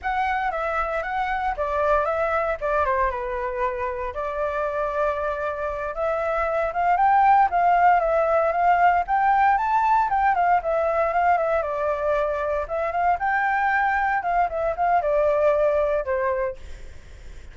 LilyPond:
\new Staff \with { instrumentName = "flute" } { \time 4/4 \tempo 4 = 116 fis''4 e''4 fis''4 d''4 | e''4 d''8 c''8 b'2 | d''2.~ d''8 e''8~ | e''4 f''8 g''4 f''4 e''8~ |
e''8 f''4 g''4 a''4 g''8 | f''8 e''4 f''8 e''8 d''4.~ | d''8 e''8 f''8 g''2 f''8 | e''8 f''8 d''2 c''4 | }